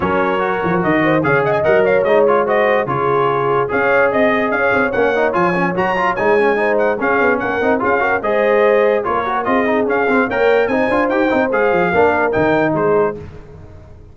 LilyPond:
<<
  \new Staff \with { instrumentName = "trumpet" } { \time 4/4 \tempo 4 = 146 cis''2 dis''4 f''8 fis''16 gis''16 | fis''8 f''8 dis''8 cis''8 dis''4 cis''4~ | cis''4 f''4 dis''4 f''4 | fis''4 gis''4 ais''4 gis''4~ |
gis''8 fis''8 f''4 fis''4 f''4 | dis''2 cis''4 dis''4 | f''4 g''4 gis''4 g''4 | f''2 g''4 c''4 | }
  \new Staff \with { instrumentName = "horn" } { \time 4/4 ais'2~ ais'8 c''8 cis''8 dis''8~ | dis''8 cis''4. c''4 gis'4~ | gis'4 cis''4 dis''4 cis''4~ | cis''1 |
c''4 gis'4 ais'4 gis'8 ais'8 | c''2 ais'4 gis'4~ | gis'4 cis''4 c''2~ | c''4 ais'2 gis'4 | }
  \new Staff \with { instrumentName = "trombone" } { \time 4/4 cis'4 fis'2 gis'4 | ais'4 dis'8 f'8 fis'4 f'4~ | f'4 gis'2. | cis'8 dis'8 f'8 cis'8 fis'8 f'8 dis'8 cis'8 |
dis'4 cis'4. dis'8 f'8 fis'8 | gis'2 f'8 fis'8 f'8 dis'8 | cis'8 c'8 ais'4 dis'8 f'8 g'8 dis'8 | gis'4 d'4 dis'2 | }
  \new Staff \with { instrumentName = "tuba" } { \time 4/4 fis4. f8 dis4 cis4 | fis4 gis2 cis4~ | cis4 cis'4 c'4 cis'8 c'8 | ais4 f4 fis4 gis4~ |
gis4 cis'8 b8 ais8 c'8 cis'4 | gis2 ais4 c'4 | cis'8 c'8 ais4 c'8 d'8 dis'8 c'8 | gis8 f8 ais4 dis4 gis4 | }
>>